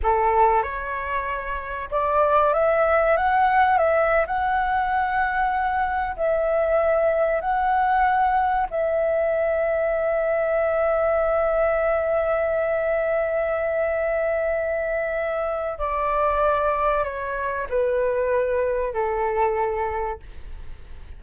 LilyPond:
\new Staff \with { instrumentName = "flute" } { \time 4/4 \tempo 4 = 95 a'4 cis''2 d''4 | e''4 fis''4 e''8. fis''4~ fis''16~ | fis''4.~ fis''16 e''2 fis''16~ | fis''4.~ fis''16 e''2~ e''16~ |
e''1~ | e''1~ | e''4 d''2 cis''4 | b'2 a'2 | }